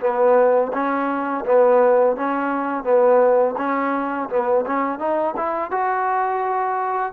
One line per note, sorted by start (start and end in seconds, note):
0.00 0.71 B3
0.73 1.44 C#4
1.45 2.16 B3
2.16 2.83 C#4
2.83 3.55 B3
3.57 4.29 C#4
4.29 4.65 B3
4.66 4.99 C#4
4.99 5.34 D#4
5.36 5.71 E4
5.71 7.13 F#4